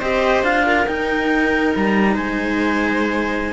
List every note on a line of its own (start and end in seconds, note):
0.00 0.43 C4
0.00 0.44 G4
0.00 0.65 C5
0.00 0.44 D#5
0.43 0.86 D4
0.43 0.87 F4
0.43 0.87 F5
0.66 2.14 A#4
0.87 1.74 D#4
0.87 3.53 D#4
0.87 1.73 G5
1.75 2.17 G3
1.75 2.17 A#5
2.14 3.53 G#3
2.14 3.53 C5
2.14 3.53 G#5